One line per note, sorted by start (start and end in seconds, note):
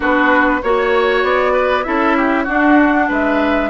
0.00 0.62 B3
0.00 0.61 D4
0.00 0.60 F#4
0.00 0.62 B4
0.62 1.23 A#3
0.62 1.84 F#4
0.62 1.24 C#5
0.62 1.52 C#5
1.23 1.85 B3
1.23 1.83 D5
1.52 1.83 B4
1.83 2.47 C#4
1.83 2.46 E4
1.83 2.17 A4
1.83 2.45 E5
2.17 2.43 G4
2.43 3.09 D4
2.43 3.70 D4
2.43 3.05 F#4
2.43 3.09 F#5
3.08 3.70 G#3
3.08 3.70 B4
3.08 3.70 E5